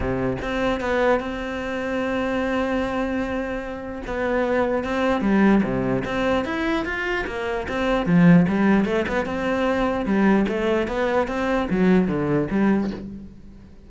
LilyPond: \new Staff \with { instrumentName = "cello" } { \time 4/4 \tempo 4 = 149 c4 c'4 b4 c'4~ | c'1~ | c'2 b2 | c'4 g4 c4 c'4 |
e'4 f'4 ais4 c'4 | f4 g4 a8 b8 c'4~ | c'4 g4 a4 b4 | c'4 fis4 d4 g4 | }